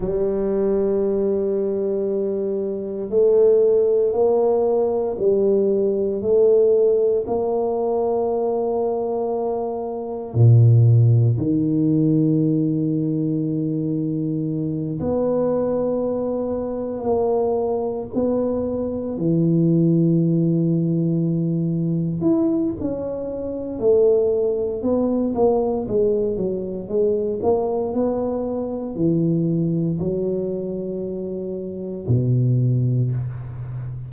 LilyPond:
\new Staff \with { instrumentName = "tuba" } { \time 4/4 \tempo 4 = 58 g2. a4 | ais4 g4 a4 ais4~ | ais2 ais,4 dis4~ | dis2~ dis8 b4.~ |
b8 ais4 b4 e4.~ | e4. e'8 cis'4 a4 | b8 ais8 gis8 fis8 gis8 ais8 b4 | e4 fis2 b,4 | }